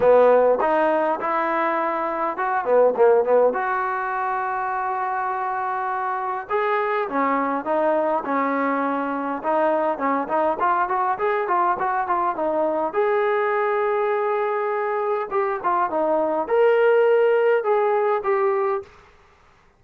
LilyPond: \new Staff \with { instrumentName = "trombone" } { \time 4/4 \tempo 4 = 102 b4 dis'4 e'2 | fis'8 b8 ais8 b8 fis'2~ | fis'2. gis'4 | cis'4 dis'4 cis'2 |
dis'4 cis'8 dis'8 f'8 fis'8 gis'8 f'8 | fis'8 f'8 dis'4 gis'2~ | gis'2 g'8 f'8 dis'4 | ais'2 gis'4 g'4 | }